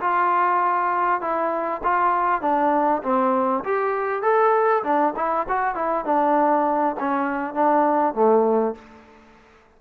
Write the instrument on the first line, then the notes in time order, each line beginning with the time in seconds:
trombone
0.00 F4
1.21 E4
1.83 F4
2.41 D4
3.03 C4
3.64 G4
4.22 A4
4.83 D4
5.16 E4
5.48 F#4
5.75 E4
6.05 D4
6.99 C#4
7.54 D4
8.14 A3